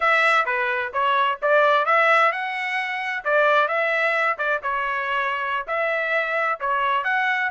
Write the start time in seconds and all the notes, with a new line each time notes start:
0.00 E5
0.45 B4
0.93 C#5
1.42 D5
1.85 E5
2.31 F#5
3.24 D5
3.68 E5
4.37 D5
4.62 C#5
5.67 E5
6.60 C#5
7.04 F#5